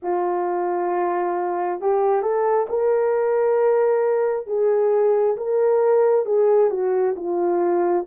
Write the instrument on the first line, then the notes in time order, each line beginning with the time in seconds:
horn
0.02 F4
1.80 G4
2.21 A4
2.69 A#4
4.47 G#4
5.36 A#4
6.25 G#4
6.70 F#4
7.16 F4